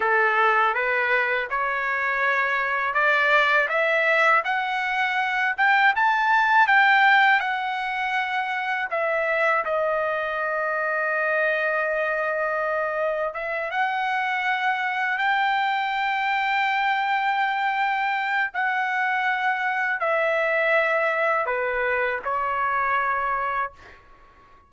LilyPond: \new Staff \with { instrumentName = "trumpet" } { \time 4/4 \tempo 4 = 81 a'4 b'4 cis''2 | d''4 e''4 fis''4. g''8 | a''4 g''4 fis''2 | e''4 dis''2.~ |
dis''2 e''8 fis''4.~ | fis''8 g''2.~ g''8~ | g''4 fis''2 e''4~ | e''4 b'4 cis''2 | }